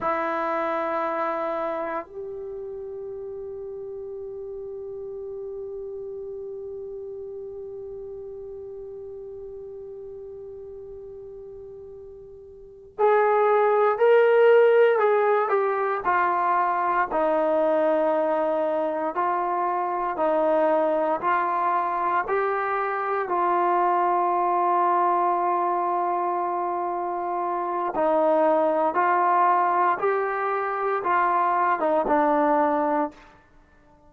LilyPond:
\new Staff \with { instrumentName = "trombone" } { \time 4/4 \tempo 4 = 58 e'2 g'2~ | g'1~ | g'1~ | g'8 gis'4 ais'4 gis'8 g'8 f'8~ |
f'8 dis'2 f'4 dis'8~ | dis'8 f'4 g'4 f'4.~ | f'2. dis'4 | f'4 g'4 f'8. dis'16 d'4 | }